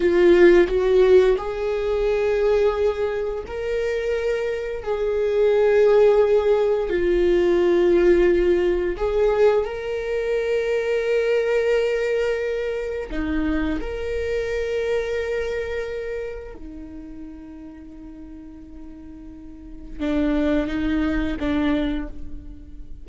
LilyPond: \new Staff \with { instrumentName = "viola" } { \time 4/4 \tempo 4 = 87 f'4 fis'4 gis'2~ | gis'4 ais'2 gis'4~ | gis'2 f'2~ | f'4 gis'4 ais'2~ |
ais'2. dis'4 | ais'1 | dis'1~ | dis'4 d'4 dis'4 d'4 | }